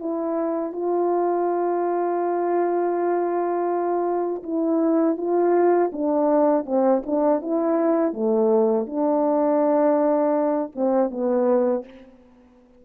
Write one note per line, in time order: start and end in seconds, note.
0.00 0.73 E4
0.73 4.43 F4
4.43 5.18 E4
5.18 5.92 F4
5.93 6.66 D4
6.66 7.03 C4
7.06 7.41 D4
7.41 8.14 E4
8.14 8.87 A3
8.87 10.72 D4
10.75 11.11 C4
11.11 11.85 B3